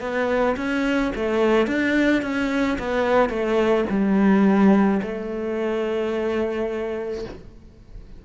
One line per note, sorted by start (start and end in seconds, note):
0.00 0.56 B3
0.57 1.12 C#4
1.15 1.67 A3
1.67 2.22 D4
2.22 2.78 C#4
2.78 3.29 B3
3.29 3.84 A3
3.89 5.01 G3
5.02 7.24 A3